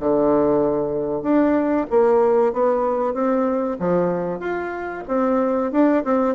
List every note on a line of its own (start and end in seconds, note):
0.00 1.23 D3
1.23 1.87 D4
1.90 2.53 A#3
2.53 3.14 B3
3.14 3.78 C4
3.80 4.40 F3
4.40 5.04 F4
5.08 5.72 C4
5.72 6.04 D4
6.04 6.35 C4